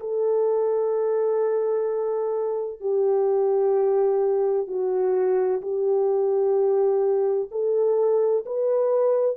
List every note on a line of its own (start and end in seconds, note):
0.00 2.80 A4
2.80 4.67 G4
4.67 5.61 F#4
5.62 7.49 G4
7.51 8.45 A4
8.45 9.36 B4